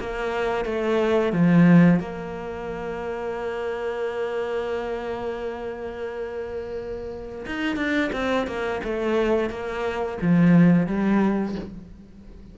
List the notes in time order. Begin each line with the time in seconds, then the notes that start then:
0.00 A#3
0.65 A3
1.33 F3
2.00 A#3
7.46 D#4
7.77 D4
8.13 C4
8.47 A#3
8.84 A3
9.50 A#3
10.21 F3
10.87 G3